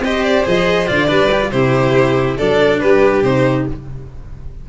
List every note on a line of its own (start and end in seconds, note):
0.00 0.43 C4
0.00 0.45 G4
0.00 1.07 C5
0.00 0.24 D#5
0.24 0.46 D5
0.45 0.90 F3
0.45 0.87 G#4
0.45 0.88 D#5
0.87 1.10 D3
0.87 1.08 F4
0.87 1.51 D5
1.07 1.52 G3
1.07 1.29 D4
1.07 1.50 B4
1.32 1.42 G4
1.42 1.52 F4
1.51 2.38 C3
1.51 2.39 E4
1.51 2.38 G4
1.51 2.37 C5
2.38 2.83 F#3
2.38 3.24 D4
2.38 2.81 A4
2.38 2.80 D5
2.80 3.23 G3
2.80 3.69 G4
2.80 3.23 B4
3.23 3.66 C3
3.23 3.67 D#4
3.23 3.67 C5